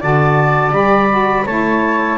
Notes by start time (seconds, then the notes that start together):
0.00 D3 F#4 D5 A5
0.71 G3 G4 B5
1.09 F#4
1.46 A3 E4 C#5 A5